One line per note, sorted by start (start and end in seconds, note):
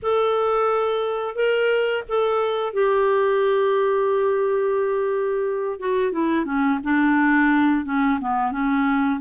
0.02 1.35 A4
1.35 2.03 A#4
2.08 2.73 A4
2.73 5.79 G4
5.79 6.12 F#4
6.12 6.45 E4
6.45 6.79 C#4
6.83 7.85 D4
7.85 8.19 C#4
8.20 8.51 B3
8.51 9.20 C#4